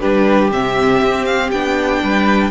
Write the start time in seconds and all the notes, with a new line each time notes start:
0.00 G3 D4 G4 B4
0.52 C3 C4 E5
1.02 C4
1.25 F5
1.51 B3 D4 G5
2.03 G3 B4